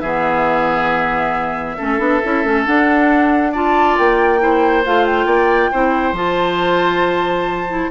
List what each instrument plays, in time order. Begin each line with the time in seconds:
0.00 bassoon E3, clarinet B3, oboe G#4, flute E5
1.77 bassoon A3, clarinet C#4, oboe A4
1.99 bassoon B3, clarinet D4
2.23 bassoon C#4, clarinet E4
2.44 bassoon A3, clarinet C#4
2.65 clarinet D4, bassoon D4, flute F#5
3.52 clarinet F4, oboe D5, flute A5
3.97 bassoon A#3, flute G5
4.39 clarinet E4, oboe C5
4.85 bassoon A3, clarinet F4, flute F5
5.06 flute G5
5.25 bassoon A#3, oboe D5
5.72 bassoon C4, clarinet E4, oboe C5
6.12 bassoon F3, clarinet F4, flute A5
7.68 clarinet E4